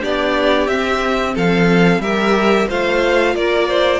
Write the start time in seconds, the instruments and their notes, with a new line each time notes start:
0.00 cello B3, viola D4, violin G4 D5
0.67 cello C4, viola C4, violin E5
1.34 cello F3, violin A4 F5
1.99 cello G3, viola G4, violin A#4 E5
2.67 cello A3, viola F4, violin C5 F5
3.35 cello A#3, violin A#4 D5
3.68 violin C5